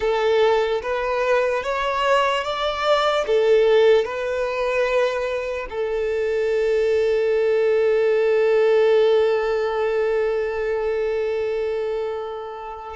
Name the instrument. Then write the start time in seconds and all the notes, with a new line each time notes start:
violin
0.00 A4
0.82 B4
1.63 C#5
2.43 D5
3.27 A4
4.04 B4
5.69 A4